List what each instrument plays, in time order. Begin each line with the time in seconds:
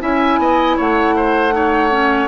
0.00 bassoon C#4, clarinet E4, oboe E5, flute G#5
0.38 bassoon B3, oboe D#5
0.77 bassoon A3, oboe C#5, flute F#5
1.16 oboe C5
1.51 clarinet D#4, oboe C#5
1.91 clarinet C#4